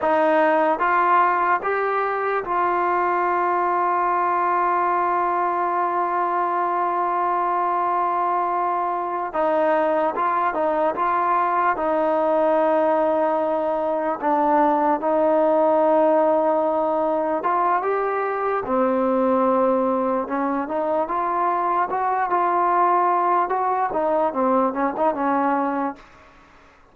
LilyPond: \new Staff \with { instrumentName = "trombone" } { \time 4/4 \tempo 4 = 74 dis'4 f'4 g'4 f'4~ | f'1~ | f'2.~ f'8 dis'8~ | dis'8 f'8 dis'8 f'4 dis'4.~ |
dis'4. d'4 dis'4.~ | dis'4. f'8 g'4 c'4~ | c'4 cis'8 dis'8 f'4 fis'8 f'8~ | f'4 fis'8 dis'8 c'8 cis'16 dis'16 cis'4 | }